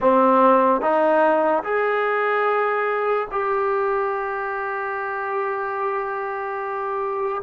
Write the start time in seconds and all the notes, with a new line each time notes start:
0.00 C4
0.81 D#4
1.63 G#4
3.31 G4